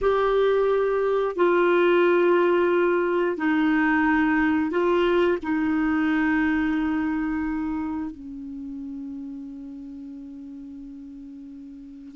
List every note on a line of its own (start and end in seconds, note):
0.01 1.35 G4
1.35 3.37 F4
3.37 4.70 D#4
4.70 5.38 F4
5.42 8.11 D#4
8.11 12.15 C#4